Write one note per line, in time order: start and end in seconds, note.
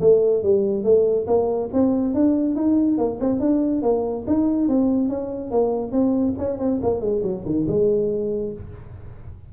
0.00 0.43 A3
0.43 0.83 G3
0.83 1.26 A3
1.26 1.69 A#3
1.73 2.14 C4
2.14 2.55 D4
2.55 2.97 D#4
2.97 3.19 A#3
3.20 3.39 C4
3.39 3.82 D4
3.82 4.24 A#3
4.27 4.68 D#4
4.68 5.09 C4
5.09 5.50 C#4
5.50 5.91 A#3
5.91 6.34 C4
6.38 6.59 C#4
6.59 6.80 C4
6.82 7.00 A#3
7.00 7.22 G#3
7.23 7.44 F#3
7.45 7.66 D#3
7.68 8.53 G#3